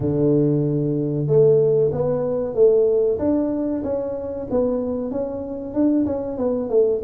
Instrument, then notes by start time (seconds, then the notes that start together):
tuba
0.00 D3
1.27 A3
1.91 B3
2.54 A3
3.19 D4
3.83 C#4
4.50 B3
5.11 C#4
5.73 D4
6.06 C#4
6.37 B3
6.69 A3